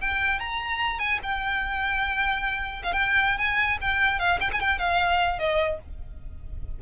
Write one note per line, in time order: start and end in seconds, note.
0.00 0.39 G5
0.39 0.99 A#5
0.99 1.19 G#5
1.23 2.83 G5
2.83 2.92 F5
2.92 3.37 G5
3.37 3.77 G#5
3.81 4.19 G5
4.19 4.39 F5
4.40 4.50 G5
4.52 4.60 G#5
4.60 4.79 G5
4.79 5.38 F5
5.38 5.78 D#5